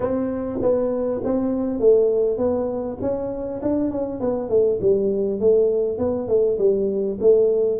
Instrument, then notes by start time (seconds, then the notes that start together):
tuba
0.00 C4
0.61 B3
1.24 C4
1.79 A3
2.37 B3
3.01 C#4
3.62 D4
3.91 C#4
4.20 B3
4.49 A3
4.81 G3
5.40 A3
5.98 B3
6.28 A3
6.58 G3
7.20 A3